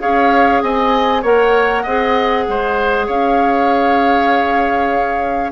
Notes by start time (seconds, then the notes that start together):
0.00 C#4 G#4 C#5 F5
0.62 C4 D#5 G#5
1.22 A#3 A#4 C#5 F#5
1.83 C4 G#4 D#5
2.48 G#3 C5
3.06 C#4 C#5 F5